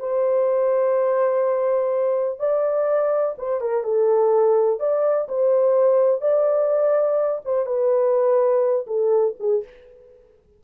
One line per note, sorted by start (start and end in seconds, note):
0.00 2.39 C5
2.39 3.35 D5
3.38 3.61 C5
3.61 3.84 A#4
3.84 4.80 A4
4.80 5.28 D5
5.29 6.22 C5
6.22 7.42 D5
7.45 7.66 C5
7.66 8.86 B4
8.87 9.35 A4
9.40 9.64 G#4